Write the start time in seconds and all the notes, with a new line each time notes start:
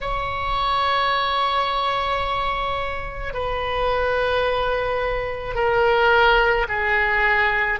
0.01 C#5
3.33 B4
5.55 A#4
6.68 G#4